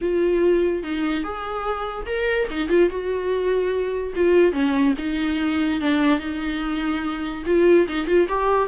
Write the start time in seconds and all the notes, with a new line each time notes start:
0.01 F4
0.83 D#4
1.23 G#4
2.06 A#4
2.50 D#4
2.68 F4
2.89 F#4
4.15 F4
4.52 C#4
4.97 D#4
5.80 D4
6.19 D#4
7.45 F4
7.88 D#4
8.07 F4
8.28 G4